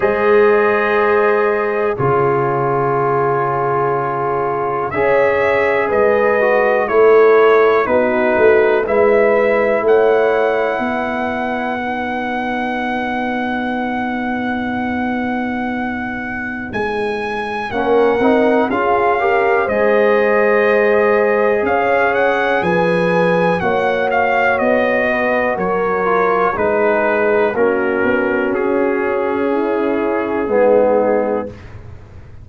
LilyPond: <<
  \new Staff \with { instrumentName = "trumpet" } { \time 4/4 \tempo 4 = 61 dis''2 cis''2~ | cis''4 e''4 dis''4 cis''4 | b'4 e''4 fis''2~ | fis''1~ |
fis''4 gis''4 fis''4 f''4 | dis''2 f''8 fis''8 gis''4 | fis''8 f''8 dis''4 cis''4 b'4 | ais'4 gis'2. | }
  \new Staff \with { instrumentName = "horn" } { \time 4/4 c''2 gis'2~ | gis'4 cis''4 b'4 a'4 | fis'4 b'4 cis''4 b'4~ | b'1~ |
b'2 ais'4 gis'8 ais'8 | c''2 cis''4 b'4 | cis''4. b'8 ais'4 gis'4 | fis'2 e'4 dis'4 | }
  \new Staff \with { instrumentName = "trombone" } { \time 4/4 gis'2 f'2~ | f'4 gis'4. fis'8 e'4 | dis'4 e'2. | dis'1~ |
dis'2 cis'8 dis'8 f'8 g'8 | gis'1 | fis'2~ fis'8 f'8 dis'4 | cis'2. b4 | }
  \new Staff \with { instrumentName = "tuba" } { \time 4/4 gis2 cis2~ | cis4 cis'4 gis4 a4 | b8 a8 gis4 a4 b4~ | b1~ |
b4 gis4 ais8 c'8 cis'4 | gis2 cis'4 f4 | ais4 b4 fis4 gis4 | ais8 b8 cis'2 gis4 | }
>>